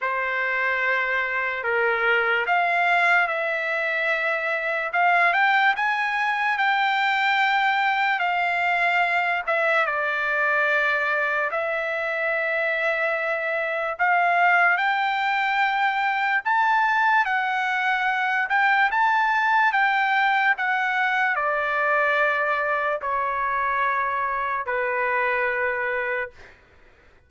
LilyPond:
\new Staff \with { instrumentName = "trumpet" } { \time 4/4 \tempo 4 = 73 c''2 ais'4 f''4 | e''2 f''8 g''8 gis''4 | g''2 f''4. e''8 | d''2 e''2~ |
e''4 f''4 g''2 | a''4 fis''4. g''8 a''4 | g''4 fis''4 d''2 | cis''2 b'2 | }